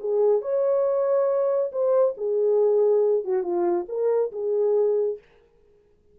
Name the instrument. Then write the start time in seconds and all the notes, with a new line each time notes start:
horn
0.00 G#4
0.42 C#5
1.72 C5
2.17 G#4
3.25 F#4
3.43 F4
3.88 A#4
4.32 G#4